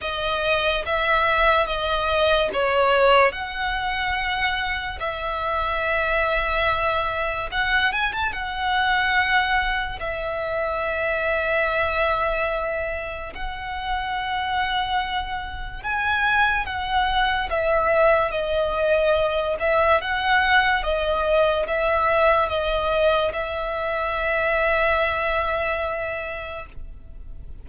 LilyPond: \new Staff \with { instrumentName = "violin" } { \time 4/4 \tempo 4 = 72 dis''4 e''4 dis''4 cis''4 | fis''2 e''2~ | e''4 fis''8 gis''16 a''16 fis''2 | e''1 |
fis''2. gis''4 | fis''4 e''4 dis''4. e''8 | fis''4 dis''4 e''4 dis''4 | e''1 | }